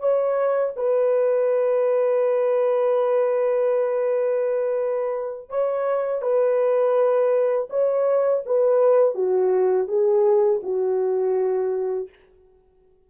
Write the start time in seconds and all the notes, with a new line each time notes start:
0.00 C#5
0.76 B4
5.50 C#5
6.22 B4
7.70 C#5
8.46 B4
9.15 F#4
9.88 G#4
10.63 F#4